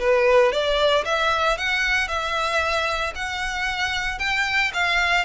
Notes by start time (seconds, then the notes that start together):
0.00 B4
0.52 D5
1.05 E5
1.58 F#5
2.09 E5
3.16 F#5
4.19 G5
4.74 F5